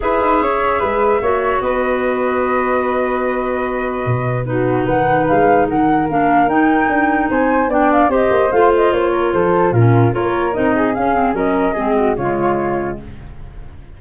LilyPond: <<
  \new Staff \with { instrumentName = "flute" } { \time 4/4 \tempo 4 = 148 e''1 | dis''1~ | dis''2. b'4 | fis''4 f''4 fis''4 f''4 |
g''2 gis''4 g''8 f''8 | dis''4 f''8 dis''8 cis''4 c''4 | ais'4 cis''4 dis''4 f''4 | dis''2 cis''2 | }
  \new Staff \with { instrumentName = "flute" } { \time 4/4 b'4 cis''4 b'4 cis''4 | b'1~ | b'2. fis'4 | b'2 ais'2~ |
ais'2 c''4 d''4 | c''2~ c''8 ais'8 a'4 | f'4 ais'4. gis'4. | ais'4 gis'8 fis'8 f'2 | }
  \new Staff \with { instrumentName = "clarinet" } { \time 4/4 gis'2. fis'4~ | fis'1~ | fis'2. dis'4~ | dis'2. d'4 |
dis'2. d'4 | g'4 f'2. | cis'4 f'4 dis'4 cis'8 c'8 | cis'4 c'4 gis2 | }
  \new Staff \with { instrumentName = "tuba" } { \time 4/4 e'8 dis'8 cis'4 gis4 ais4 | b1~ | b2 b,2 | dis4 gis4 dis4 ais4 |
dis'4 d'4 c'4 b4 | c'8 ais8 a4 ais4 f4 | ais,4 ais4 c'4 cis'4 | fis4 gis4 cis2 | }
>>